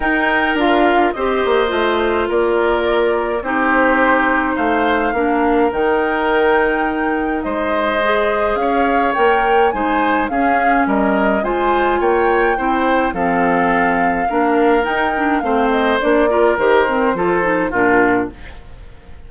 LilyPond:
<<
  \new Staff \with { instrumentName = "flute" } { \time 4/4 \tempo 4 = 105 g''4 f''4 dis''2 | d''2 c''2 | f''2 g''2~ | g''4 dis''2 f''4 |
g''4 gis''4 f''4 dis''4 | gis''4 g''2 f''4~ | f''2 g''4 f''8 dis''8 | d''4 c''2 ais'4 | }
  \new Staff \with { instrumentName = "oboe" } { \time 4/4 ais'2 c''2 | ais'2 g'2 | c''4 ais'2.~ | ais'4 c''2 cis''4~ |
cis''4 c''4 gis'4 ais'4 | c''4 cis''4 c''4 a'4~ | a'4 ais'2 c''4~ | c''8 ais'4. a'4 f'4 | }
  \new Staff \with { instrumentName = "clarinet" } { \time 4/4 dis'4 f'4 g'4 f'4~ | f'2 dis'2~ | dis'4 d'4 dis'2~ | dis'2 gis'2 |
ais'4 dis'4 cis'2 | f'2 e'4 c'4~ | c'4 d'4 dis'8 d'8 c'4 | d'8 f'8 g'8 c'8 f'8 dis'8 d'4 | }
  \new Staff \with { instrumentName = "bassoon" } { \time 4/4 dis'4 d'4 c'8 ais8 a4 | ais2 c'2 | a4 ais4 dis2~ | dis4 gis2 cis'4 |
ais4 gis4 cis'4 g4 | gis4 ais4 c'4 f4~ | f4 ais4 dis'4 a4 | ais4 dis4 f4 ais,4 | }
>>